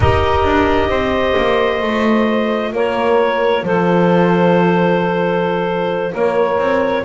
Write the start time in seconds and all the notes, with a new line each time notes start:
0.00 D#4 G4 A#4 D#5
0.44 D4
0.88 C4 C5
1.37 A#3
1.82 A3 F4
2.72 A#3 A#4 C#5
3.63 F3 A4 C5
6.12 A#3 A#4 C#5
6.58 C4